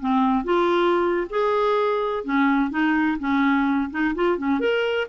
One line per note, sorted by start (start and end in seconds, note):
0.00 0.44 C4
0.44 1.27 F4
1.29 2.24 G#4
2.24 2.70 C#4
2.70 3.18 D#4
3.19 3.90 C#4
3.90 4.14 D#4
4.15 4.38 F4
4.38 4.60 C#4
4.60 5.07 A#4